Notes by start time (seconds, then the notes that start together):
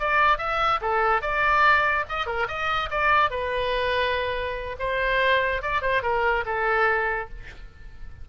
0.00 D5
0.39 E5
0.82 A4
1.22 D5
2.09 D#5
2.27 A#4
2.49 D#5
2.91 D5
3.31 B4
4.80 C5
5.62 D5
5.82 C5
6.03 A#4
6.46 A4